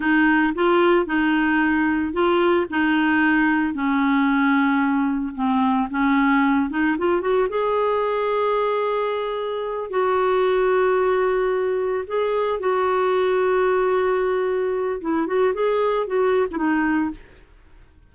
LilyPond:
\new Staff \with { instrumentName = "clarinet" } { \time 4/4 \tempo 4 = 112 dis'4 f'4 dis'2 | f'4 dis'2 cis'4~ | cis'2 c'4 cis'4~ | cis'8 dis'8 f'8 fis'8 gis'2~ |
gis'2~ gis'8 fis'4.~ | fis'2~ fis'8 gis'4 fis'8~ | fis'1 | e'8 fis'8 gis'4 fis'8. e'16 dis'4 | }